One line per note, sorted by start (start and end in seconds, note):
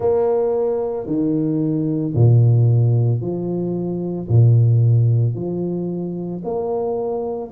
0.00 1.06 A#3
1.06 2.13 D#3
2.14 3.20 A#2
3.20 4.28 F3
4.28 5.34 A#2
5.34 6.41 F3
6.43 7.50 A#3